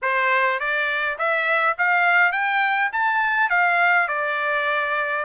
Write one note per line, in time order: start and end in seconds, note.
0.02 0.59 C5
0.59 1.17 D5
1.18 1.76 E5
1.77 2.32 F5
2.32 2.90 G5
2.92 3.49 A5
3.49 4.08 F5
4.08 5.24 D5